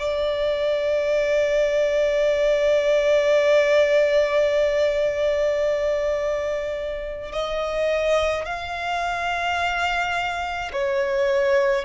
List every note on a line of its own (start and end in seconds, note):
0.00 7.33 D5
7.33 8.46 D#5
8.46 10.72 F5
10.73 11.86 C#5